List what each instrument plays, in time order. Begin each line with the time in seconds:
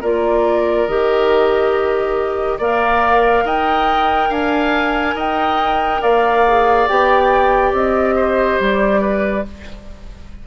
0.00 bassoon A#3, clarinet F4, oboe A#4, flute D5
0.87 bassoon D#3, clarinet G4, flute D#5
2.58 bassoon A#3, clarinet A#4, oboe D5, flute F5
3.43 bassoon D#4, oboe D#5, flute G5
4.29 bassoon D4, oboe F5, flute G#5
5.14 bassoon D#4, oboe D#5, flute G5
6.01 bassoon A#3, oboe D5, flute F5
6.47 clarinet G#4
6.87 bassoon B3, clarinet G4, flute G5
7.72 bassoon C4, flute D#5
8.15 oboe C5
8.59 bassoon G3, flute D5
9.00 oboe B4